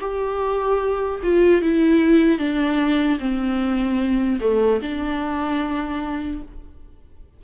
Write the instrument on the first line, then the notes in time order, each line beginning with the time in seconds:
viola
0.00 G4
1.23 F4
1.62 E4
2.39 D4
3.20 C4
4.41 A3
4.82 D4